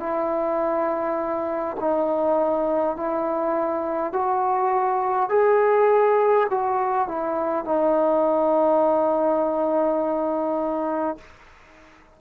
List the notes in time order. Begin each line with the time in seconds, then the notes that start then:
0.00 E4
1.80 D#4
2.96 E4
4.13 F#4
5.29 G#4
6.50 F#4
7.08 E4
7.65 D#4